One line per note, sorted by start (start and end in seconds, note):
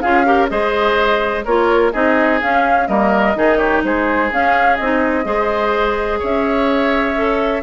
0.00 0.50 C#4
0.00 0.25 F4
0.00 0.26 G#4
0.00 0.48 F5
0.25 0.49 G4
0.25 0.50 A#4
0.49 1.45 G#3
0.49 1.44 G#4
0.49 1.45 C5
0.49 1.44 D#5
1.45 1.93 A#3
1.45 1.92 F4
1.45 1.92 A#4
1.45 1.92 C#5
1.92 2.41 C4
1.92 2.40 D#4
1.92 2.87 G#4
1.92 2.40 D#5
2.41 2.86 C#4
2.41 2.88 C#4
2.41 2.87 F5
2.86 3.35 G3
2.86 3.34 A#3
2.86 3.36 A#4
2.86 3.58 D#5
3.35 3.83 D#3
3.35 4.30 D#4
3.35 3.58 G#4
3.58 3.82 G4
3.58 3.82 C#5
3.83 4.31 G#3
3.83 5.25 G#4
3.83 4.31 C5
4.31 4.79 C#4
4.31 4.76 F5
4.76 5.25 C4
4.76 5.24 D#4
4.76 6.19 D#5
5.24 6.20 G#3
5.24 7.14 G#4
5.24 6.19 C5
6.19 7.62 C#4
6.19 7.62 C#5
6.19 7.62 E5
7.15 7.62 A4